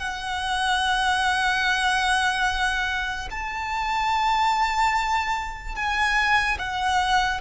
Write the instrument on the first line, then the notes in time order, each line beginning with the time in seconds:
violin
0.00 F#5
3.31 A5
5.76 G#5
6.59 F#5